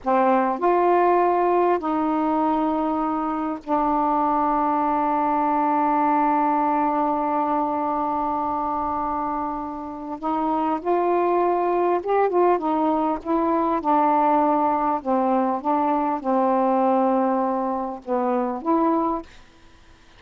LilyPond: \new Staff \with { instrumentName = "saxophone" } { \time 4/4 \tempo 4 = 100 c'4 f'2 dis'4~ | dis'2 d'2~ | d'1~ | d'1~ |
d'4 dis'4 f'2 | g'8 f'8 dis'4 e'4 d'4~ | d'4 c'4 d'4 c'4~ | c'2 b4 e'4 | }